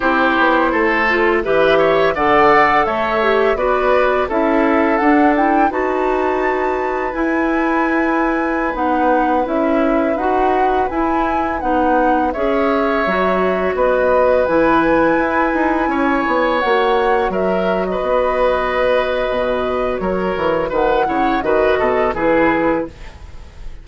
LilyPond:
<<
  \new Staff \with { instrumentName = "flute" } { \time 4/4 \tempo 4 = 84 c''2 e''4 fis''4 | e''4 d''4 e''4 fis''8 g''8 | a''2 gis''2~ | gis''16 fis''4 e''4 fis''4 gis''8.~ |
gis''16 fis''4 e''2 dis''8.~ | dis''16 gis''2. fis''8.~ | fis''16 e''8. dis''2. | cis''4 fis''4 dis''4 b'4 | }
  \new Staff \with { instrumentName = "oboe" } { \time 4/4 g'4 a'4 b'8 cis''8 d''4 | cis''4 b'4 a'2 | b'1~ | b'1~ |
b'4~ b'16 cis''2 b'8.~ | b'2~ b'16 cis''4.~ cis''16~ | cis''16 ais'8. b'2. | ais'4 b'8 cis''8 b'8 a'8 gis'4 | }
  \new Staff \with { instrumentName = "clarinet" } { \time 4/4 e'4. f'8 g'4 a'4~ | a'8 g'8 fis'4 e'4 d'8 e'8 | fis'2 e'2~ | e'16 dis'4 e'4 fis'4 e'8.~ |
e'16 dis'4 gis'4 fis'4.~ fis'16~ | fis'16 e'2. fis'8.~ | fis'1~ | fis'4. e'8 fis'4 e'4 | }
  \new Staff \with { instrumentName = "bassoon" } { \time 4/4 c'8 b8 a4 e4 d4 | a4 b4 cis'4 d'4 | dis'2 e'2~ | e'16 b4 cis'4 dis'4 e'8.~ |
e'16 b4 cis'4 fis4 b8.~ | b16 e4 e'8 dis'8 cis'8 b8 ais8.~ | ais16 fis4 b4.~ b16 b,4 | fis8 e8 dis8 cis8 dis8 b,8 e4 | }
>>